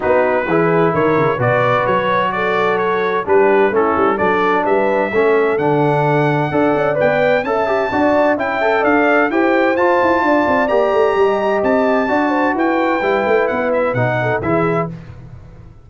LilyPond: <<
  \new Staff \with { instrumentName = "trumpet" } { \time 4/4 \tempo 4 = 129 b'2 cis''4 d''4 | cis''4 d''4 cis''4 b'4 | a'4 d''4 e''2 | fis''2. g''4 |
a''2 g''4 f''4 | g''4 a''2 ais''4~ | ais''4 a''2 g''4~ | g''4 fis''8 e''8 fis''4 e''4 | }
  \new Staff \with { instrumentName = "horn" } { \time 4/4 fis'4 gis'4 ais'4 b'4~ | b'4 a'2 g'4 | e'4 a'4 b'4 a'4~ | a'2 d''2 |
e''4 d''4 e''4 d''4 | c''2 d''2 | dis''2 d''8 c''8 b'4~ | b'2~ b'8 a'8 gis'4 | }
  \new Staff \with { instrumentName = "trombone" } { \time 4/4 dis'4 e'2 fis'4~ | fis'2. d'4 | cis'4 d'2 cis'4 | d'2 a'4 b'4 |
a'8 g'8 fis'4 e'8 a'4. | g'4 f'2 g'4~ | g'2 fis'2 | e'2 dis'4 e'4 | }
  \new Staff \with { instrumentName = "tuba" } { \time 4/4 b4 e4 dis8 cis8 b,4 | fis2. g4 | a8 g8 fis4 g4 a4 | d2 d'8 cis'8 b4 |
cis'4 d'4 cis'4 d'4 | e'4 f'8 e'8 d'8 c'8 ais8 a8 | g4 c'4 d'4 e'4 | g8 a8 b4 b,4 e4 | }
>>